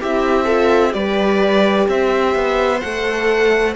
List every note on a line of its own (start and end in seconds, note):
0.00 0.94 C4
0.00 0.47 E4
0.00 0.44 G4
0.00 0.93 E5
0.44 0.91 F4
0.44 0.91 A4
0.91 1.88 G3
0.91 2.78 G4
0.91 1.89 B4
0.91 1.87 D5
1.88 2.35 C4
1.88 3.76 C5
1.88 2.80 E5
2.35 2.82 B3
2.80 3.76 A3
2.80 3.76 A4
2.80 3.74 F#5